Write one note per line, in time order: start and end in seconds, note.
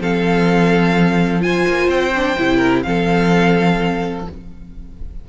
0.00 1.65 F3
0.00 1.40 C4
0.00 1.43 A4
0.00 1.42 F5
1.40 2.11 F4
1.40 2.57 C5
1.40 1.89 G#5
1.67 1.88 A#3
1.88 2.35 C4
1.88 2.83 G5
2.16 2.37 D4
2.37 2.86 C3
2.37 2.85 E4
2.57 2.80 A#4
2.83 4.27 F3
2.83 4.26 C4
2.83 4.29 A4
2.83 4.24 F5